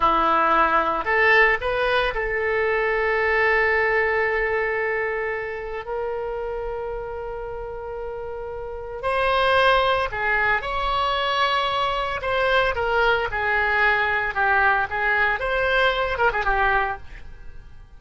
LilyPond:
\new Staff \with { instrumentName = "oboe" } { \time 4/4 \tempo 4 = 113 e'2 a'4 b'4 | a'1~ | a'2. ais'4~ | ais'1~ |
ais'4 c''2 gis'4 | cis''2. c''4 | ais'4 gis'2 g'4 | gis'4 c''4. ais'16 gis'16 g'4 | }